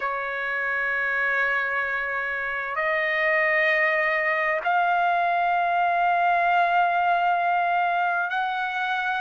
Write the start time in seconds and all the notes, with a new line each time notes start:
0.00 C#5
2.75 D#5
4.64 F5
8.30 F#5